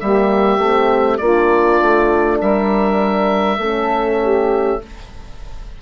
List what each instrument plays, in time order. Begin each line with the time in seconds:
0.00 bassoon G3, horn A#3, saxophone G4, oboe E5
0.58 bassoon A3, horn C4
1.18 bassoon A#3, horn D4, saxophone F4, oboe D5
1.81 bassoon A3
2.40 bassoon G3, saxophone A#4, oboe E5
3.57 bassoon A3, horn C#4, saxophone A4
4.21 saxophone G4